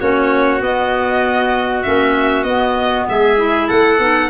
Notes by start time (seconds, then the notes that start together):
0.00 A#3 C#4 F#4 C#5
0.60 B3 D#5
1.83 A#3 C#4 E5
2.44 B3 D#5
3.09 G#3 G#4 E5
3.37 E4
3.68 A3 A4 F#5
3.99 B3 D#4